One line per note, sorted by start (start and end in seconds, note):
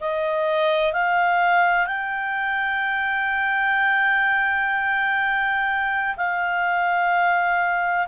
0.00 0.92 D#5
0.92 1.87 F5
1.87 6.15 G5
6.16 8.07 F5